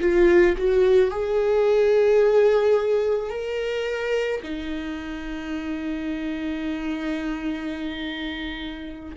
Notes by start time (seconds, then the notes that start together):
0.00 F4
0.57 F#4
1.10 G#4
3.30 A#4
4.43 D#4